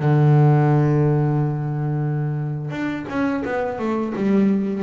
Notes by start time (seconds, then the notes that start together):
0.00 D3
2.71 D4
3.09 C#4
3.45 B3
3.79 A3
4.16 G3